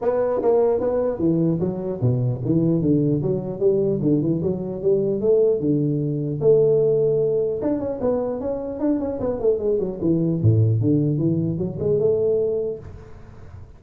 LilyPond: \new Staff \with { instrumentName = "tuba" } { \time 4/4 \tempo 4 = 150 b4 ais4 b4 e4 | fis4 b,4 e4 d4 | fis4 g4 d8 e8 fis4 | g4 a4 d2 |
a2. d'8 cis'8 | b4 cis'4 d'8 cis'8 b8 a8 | gis8 fis8 e4 a,4 d4 | e4 fis8 gis8 a2 | }